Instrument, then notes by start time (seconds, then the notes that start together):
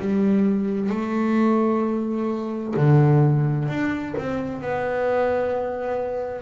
double bass
0.00 G3
0.89 A3
2.76 D3
3.68 D4
4.17 C4
4.61 B3